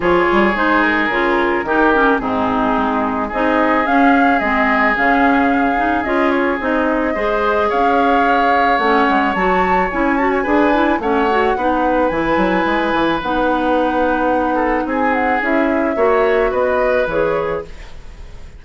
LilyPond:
<<
  \new Staff \with { instrumentName = "flute" } { \time 4/4 \tempo 4 = 109 cis''4 c''8 ais'2~ ais'8 | gis'2 dis''4 f''4 | dis''4 f''2 dis''8 cis''8 | dis''2 f''2 |
fis''4 a''4 gis''8 a''16 gis''4~ gis''16 | fis''2 gis''2 | fis''2. gis''8 fis''8 | e''2 dis''4 cis''4 | }
  \new Staff \with { instrumentName = "oboe" } { \time 4/4 gis'2. g'4 | dis'2 gis'2~ | gis'1~ | gis'4 c''4 cis''2~ |
cis''2. b'4 | cis''4 b'2.~ | b'2~ b'8 a'8 gis'4~ | gis'4 cis''4 b'2 | }
  \new Staff \with { instrumentName = "clarinet" } { \time 4/4 f'4 dis'4 f'4 dis'8 cis'8 | c'2 dis'4 cis'4 | c'4 cis'4. dis'8 f'4 | dis'4 gis'2. |
cis'4 fis'4 e'8 fis'8 gis'8 e'8 | cis'8 fis'8 dis'4 e'2 | dis'1 | e'4 fis'2 gis'4 | }
  \new Staff \with { instrumentName = "bassoon" } { \time 4/4 f8 g8 gis4 cis4 dis4 | gis,4 gis4 c'4 cis'4 | gis4 cis2 cis'4 | c'4 gis4 cis'2 |
a8 gis8 fis4 cis'4 d'4 | a4 b4 e8 fis8 gis8 e8 | b2. c'4 | cis'4 ais4 b4 e4 | }
>>